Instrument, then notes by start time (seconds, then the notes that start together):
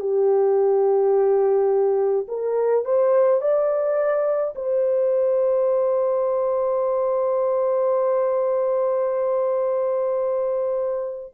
horn
0.00 G4
2.27 A#4
2.84 C5
3.41 D5
4.55 C5